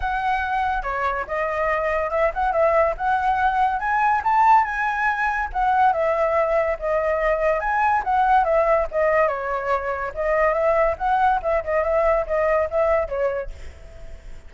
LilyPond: \new Staff \with { instrumentName = "flute" } { \time 4/4 \tempo 4 = 142 fis''2 cis''4 dis''4~ | dis''4 e''8 fis''8 e''4 fis''4~ | fis''4 gis''4 a''4 gis''4~ | gis''4 fis''4 e''2 |
dis''2 gis''4 fis''4 | e''4 dis''4 cis''2 | dis''4 e''4 fis''4 e''8 dis''8 | e''4 dis''4 e''4 cis''4 | }